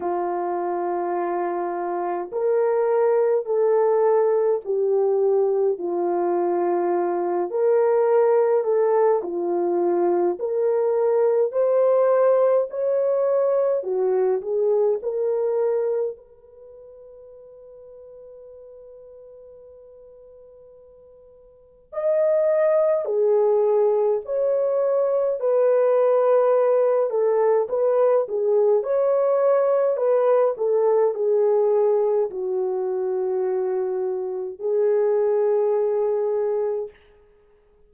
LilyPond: \new Staff \with { instrumentName = "horn" } { \time 4/4 \tempo 4 = 52 f'2 ais'4 a'4 | g'4 f'4. ais'4 a'8 | f'4 ais'4 c''4 cis''4 | fis'8 gis'8 ais'4 b'2~ |
b'2. dis''4 | gis'4 cis''4 b'4. a'8 | b'8 gis'8 cis''4 b'8 a'8 gis'4 | fis'2 gis'2 | }